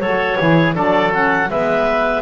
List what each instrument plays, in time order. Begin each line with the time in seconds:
0.00 double bass F#3, saxophone F#4, oboe A4, clarinet C#5
0.39 double bass E3, saxophone E4, oboe G#4
0.74 double bass F#3, saxophone D4, oboe A4, clarinet D5
1.12 saxophone C#4, clarinet F#5
1.50 double bass G#3, saxophone B3, oboe B4, clarinet E5